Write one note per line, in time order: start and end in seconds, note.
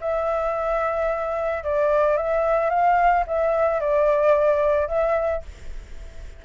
0.00 1.64 E5
1.64 2.16 D5
2.16 2.70 E5
2.70 3.24 F5
3.27 3.80 E5
3.80 4.87 D5
4.87 5.42 E5